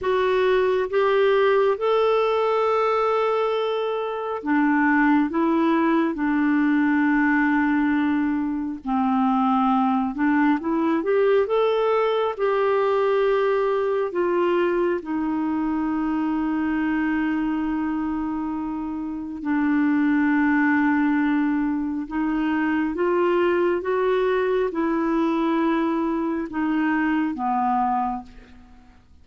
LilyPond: \new Staff \with { instrumentName = "clarinet" } { \time 4/4 \tempo 4 = 68 fis'4 g'4 a'2~ | a'4 d'4 e'4 d'4~ | d'2 c'4. d'8 | e'8 g'8 a'4 g'2 |
f'4 dis'2.~ | dis'2 d'2~ | d'4 dis'4 f'4 fis'4 | e'2 dis'4 b4 | }